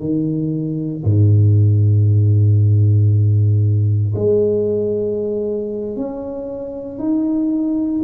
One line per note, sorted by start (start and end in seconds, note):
0.00 1.03 D#3
1.04 4.14 G#2
4.15 5.96 G#3
5.96 6.99 C#4
6.99 8.02 D#4